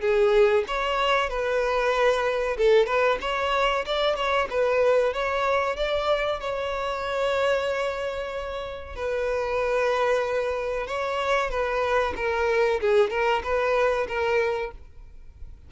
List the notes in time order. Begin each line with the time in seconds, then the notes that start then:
0.00 G#4
0.67 C#5
1.29 B4
2.57 A4
2.86 B4
3.21 C#5
3.85 D5
4.15 C#5
4.50 B4
5.13 C#5
5.76 D5
6.40 C#5
8.95 B4
10.87 C#5
11.50 B4
12.16 A#4
12.80 G#4
13.10 A#4
13.43 B4
14.07 A#4